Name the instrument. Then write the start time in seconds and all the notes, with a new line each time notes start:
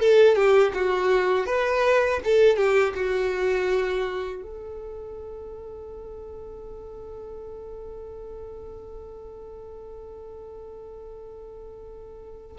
violin
0.00 A4
0.35 G4
0.74 F#4
1.46 B4
2.24 A4
2.57 G4
2.96 F#4
4.43 A4